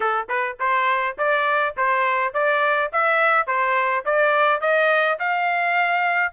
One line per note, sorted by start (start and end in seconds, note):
0.00 0.28 A4
0.29 0.57 B4
0.59 1.17 C5
1.18 1.75 D5
1.76 2.33 C5
2.33 2.91 D5
2.92 3.46 E5
3.46 4.04 C5
4.05 4.60 D5
4.60 5.18 D#5
5.19 6.33 F5